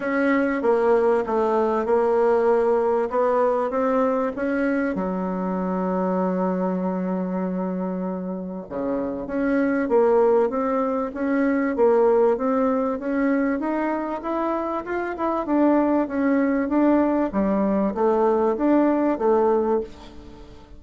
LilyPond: \new Staff \with { instrumentName = "bassoon" } { \time 4/4 \tempo 4 = 97 cis'4 ais4 a4 ais4~ | ais4 b4 c'4 cis'4 | fis1~ | fis2 cis4 cis'4 |
ais4 c'4 cis'4 ais4 | c'4 cis'4 dis'4 e'4 | f'8 e'8 d'4 cis'4 d'4 | g4 a4 d'4 a4 | }